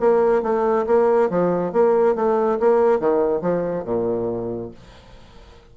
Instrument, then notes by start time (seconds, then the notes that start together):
bassoon
0.00 A#3
0.43 A3
0.87 A#3
1.30 F3
1.73 A#3
2.16 A3
2.60 A#3
3.00 D#3
3.42 F3
3.85 A#2